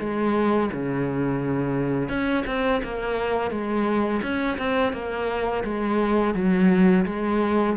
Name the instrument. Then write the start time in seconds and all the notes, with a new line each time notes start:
cello
0.00 G#3
0.73 C#3
2.09 C#4
2.47 C4
2.84 A#3
3.51 G#3
4.23 C#4
4.59 C4
4.93 A#3
5.64 G#3
6.35 F#3
7.06 G#3